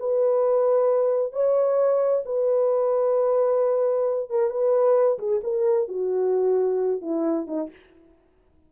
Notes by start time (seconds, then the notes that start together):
0.00 B4
1.33 C#5
2.26 B4
4.31 A#4
4.51 B4
5.19 G#4
5.44 A#4
5.89 F#4
7.02 E4
7.48 D#4